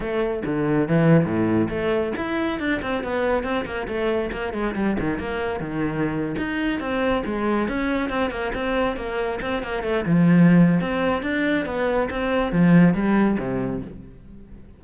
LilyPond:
\new Staff \with { instrumentName = "cello" } { \time 4/4 \tempo 4 = 139 a4 d4 e4 a,4 | a4 e'4 d'8 c'8 b4 | c'8 ais8 a4 ais8 gis8 g8 dis8 | ais4 dis4.~ dis16 dis'4 c'16~ |
c'8. gis4 cis'4 c'8 ais8 c'16~ | c'8. ais4 c'8 ais8 a8 f8.~ | f4 c'4 d'4 b4 | c'4 f4 g4 c4 | }